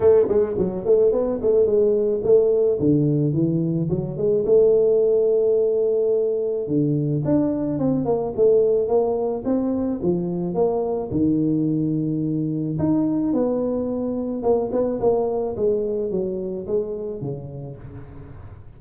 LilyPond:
\new Staff \with { instrumentName = "tuba" } { \time 4/4 \tempo 4 = 108 a8 gis8 fis8 a8 b8 a8 gis4 | a4 d4 e4 fis8 gis8 | a1 | d4 d'4 c'8 ais8 a4 |
ais4 c'4 f4 ais4 | dis2. dis'4 | b2 ais8 b8 ais4 | gis4 fis4 gis4 cis4 | }